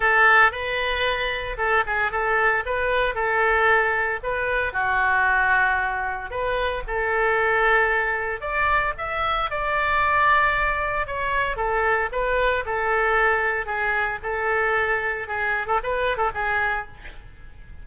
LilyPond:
\new Staff \with { instrumentName = "oboe" } { \time 4/4 \tempo 4 = 114 a'4 b'2 a'8 gis'8 | a'4 b'4 a'2 | b'4 fis'2. | b'4 a'2. |
d''4 e''4 d''2~ | d''4 cis''4 a'4 b'4 | a'2 gis'4 a'4~ | a'4 gis'8. a'16 b'8. a'16 gis'4 | }